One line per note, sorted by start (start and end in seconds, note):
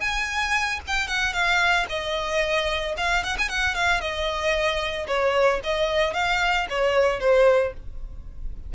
0.00 0.80 G#5
0.87 1.07 G5
1.07 1.33 F#5
1.33 1.86 F5
1.89 2.95 D#5
2.97 3.23 F5
3.23 3.37 F#5
3.38 3.49 G#5
3.49 3.74 F#5
3.74 4.00 F5
4.00 5.07 D#5
5.07 5.60 C#5
5.63 6.14 D#5
6.14 6.67 F5
6.70 7.20 C#5
7.20 7.73 C5